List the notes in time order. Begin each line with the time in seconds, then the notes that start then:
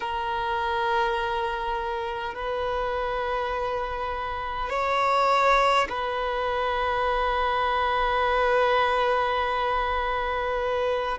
0.00 A#4
2.34 B4
4.70 C#5
5.89 B4